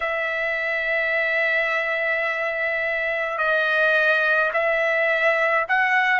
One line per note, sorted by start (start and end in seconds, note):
0.00 3.38 E5
3.38 4.51 D#5
4.53 5.66 E5
5.68 6.20 F#5